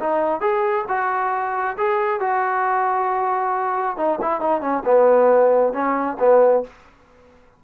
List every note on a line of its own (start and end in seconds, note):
0.00 0.41 D#4
0.41 0.85 G#4
0.88 1.77 F#4
1.77 2.21 G#4
2.21 3.97 F#4
3.97 4.19 D#4
4.22 4.41 E4
4.41 4.61 D#4
4.61 4.83 C#4
4.85 5.73 B3
5.73 6.17 C#4
6.20 6.64 B3